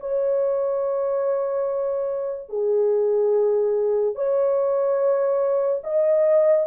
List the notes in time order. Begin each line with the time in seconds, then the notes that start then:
0.00 C#5
2.49 G#4
4.15 C#5
5.83 D#5